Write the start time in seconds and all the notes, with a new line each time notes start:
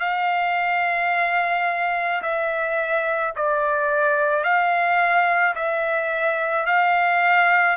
0.00 F5
2.22 E5
3.36 D5
4.44 F5
5.56 E5
6.67 F5